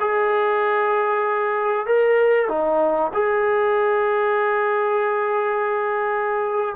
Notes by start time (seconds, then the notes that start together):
0.00 G#4
1.87 A#4
2.49 D#4
3.13 G#4